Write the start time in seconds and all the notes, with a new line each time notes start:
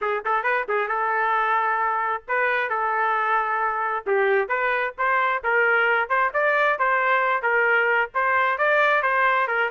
0.01 G#4
0.25 A4
0.43 B4
0.68 G#4
0.88 A4
2.28 B4
2.69 A4
4.06 G4
4.48 B4
4.97 C5
5.43 A#4
6.09 C5
6.33 D5
6.78 C5
7.42 A#4
8.14 C5
8.58 D5
9.02 C5
9.47 A#4